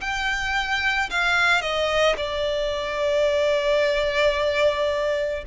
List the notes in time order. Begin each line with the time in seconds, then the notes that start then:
0.00 G5
1.10 F5
1.61 D#5
2.17 D5